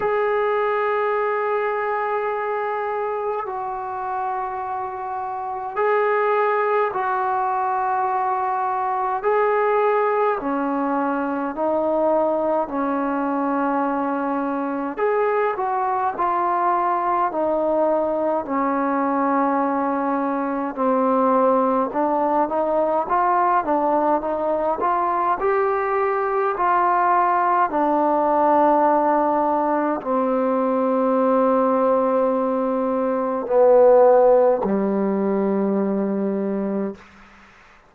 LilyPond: \new Staff \with { instrumentName = "trombone" } { \time 4/4 \tempo 4 = 52 gis'2. fis'4~ | fis'4 gis'4 fis'2 | gis'4 cis'4 dis'4 cis'4~ | cis'4 gis'8 fis'8 f'4 dis'4 |
cis'2 c'4 d'8 dis'8 | f'8 d'8 dis'8 f'8 g'4 f'4 | d'2 c'2~ | c'4 b4 g2 | }